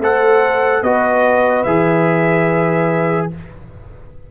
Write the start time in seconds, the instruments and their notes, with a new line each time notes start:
0.00 tuba A3, trombone A4, horn C5, trumpet F#5
0.82 tuba B3, trombone F#4, horn B4, trumpet D#5
1.64 tuba E3, trombone G#4, trumpet E5